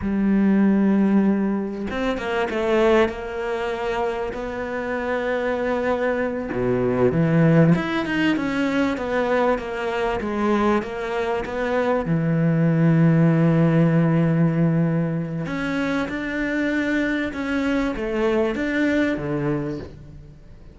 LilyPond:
\new Staff \with { instrumentName = "cello" } { \time 4/4 \tempo 4 = 97 g2. c'8 ais8 | a4 ais2 b4~ | b2~ b8 b,4 e8~ | e8 e'8 dis'8 cis'4 b4 ais8~ |
ais8 gis4 ais4 b4 e8~ | e1~ | e4 cis'4 d'2 | cis'4 a4 d'4 d4 | }